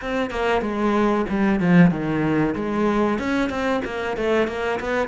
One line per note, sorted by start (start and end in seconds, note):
0.01 0.30 C4
0.30 0.61 A#3
0.61 1.25 G#3
1.29 1.60 G3
1.60 1.91 F3
1.91 2.54 D#3
2.55 3.19 G#3
3.19 3.49 C#4
3.49 3.81 C4
3.85 4.16 A#3
4.16 4.47 A3
4.47 4.79 A#3
4.80 5.07 B3